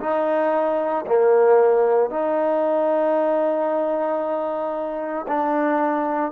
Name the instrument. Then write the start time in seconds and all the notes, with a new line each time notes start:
trombone
0.00 D#4
1.06 A#3
2.10 D#4
5.27 D4